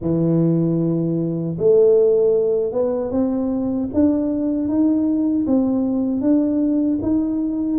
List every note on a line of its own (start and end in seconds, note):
0.01 1.57 E3
1.58 2.72 A3
2.72 3.11 B3
3.11 3.89 C4
3.93 4.68 D4
4.68 5.46 D#4
5.47 6.21 C4
6.21 6.99 D4
7.02 7.79 D#4